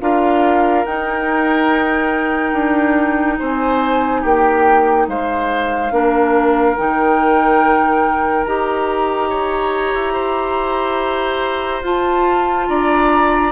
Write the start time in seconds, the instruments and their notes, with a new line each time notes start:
0.00 bassoon D4, clarinet F4, oboe A#4, flute F5
0.85 bassoon D#4, clarinet D#4, flute G5
2.52 bassoon D4
3.39 bassoon C4, oboe C5, flute G#5
4.21 bassoon A#3, oboe G4, flute G5
5.07 bassoon G#3, oboe C5, flute F5
5.91 bassoon A#3, clarinet D4, oboe A#4
6.76 bassoon D#3, clarinet D#4, flute G5
8.44 bassoon D#4, clarinet G4, flute A#5
9.29 oboe C#5
9.93 bassoon E4
10.13 oboe C5
11.82 bassoon F4, clarinet F4, flute A5
12.68 bassoon D4, oboe D5, flute A#5